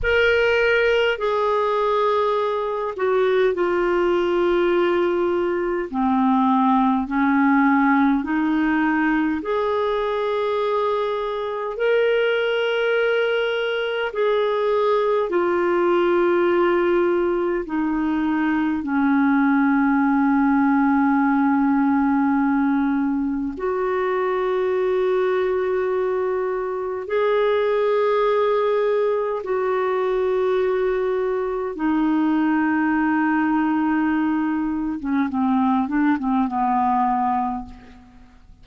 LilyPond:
\new Staff \with { instrumentName = "clarinet" } { \time 4/4 \tempo 4 = 51 ais'4 gis'4. fis'8 f'4~ | f'4 c'4 cis'4 dis'4 | gis'2 ais'2 | gis'4 f'2 dis'4 |
cis'1 | fis'2. gis'4~ | gis'4 fis'2 dis'4~ | dis'4.~ dis'16 cis'16 c'8 d'16 c'16 b4 | }